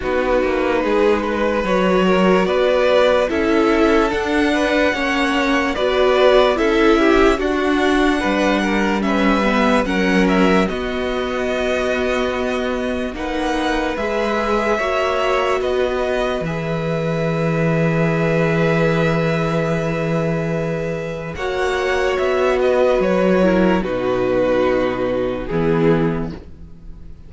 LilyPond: <<
  \new Staff \with { instrumentName = "violin" } { \time 4/4 \tempo 4 = 73 b'2 cis''4 d''4 | e''4 fis''2 d''4 | e''4 fis''2 e''4 | fis''8 e''8 dis''2. |
fis''4 e''2 dis''4 | e''1~ | e''2 fis''4 e''8 dis''8 | cis''4 b'2 gis'4 | }
  \new Staff \with { instrumentName = "violin" } { \time 4/4 fis'4 gis'8 b'4 ais'8 b'4 | a'4. b'8 cis''4 b'4 | a'8 g'8 fis'4 b'8 ais'8 b'4 | ais'4 fis'2. |
b'2 cis''4 b'4~ | b'1~ | b'2 cis''4. b'8~ | b'8 ais'8 fis'2 e'4 | }
  \new Staff \with { instrumentName = "viola" } { \time 4/4 dis'2 fis'2 | e'4 d'4 cis'4 fis'4 | e'4 d'2 cis'8 b8 | cis'4 b2. |
dis'4 gis'4 fis'2 | gis'1~ | gis'2 fis'2~ | fis'8 e'8 dis'2 b4 | }
  \new Staff \with { instrumentName = "cello" } { \time 4/4 b8 ais8 gis4 fis4 b4 | cis'4 d'4 ais4 b4 | cis'4 d'4 g2 | fis4 b2. |
ais4 gis4 ais4 b4 | e1~ | e2 ais4 b4 | fis4 b,2 e4 | }
>>